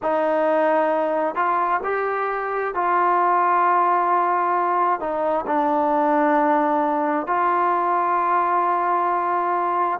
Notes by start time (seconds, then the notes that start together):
0.02 D#4
1.35 F4
1.83 G4
2.74 F4
5.00 D#4
5.46 D4
7.26 F4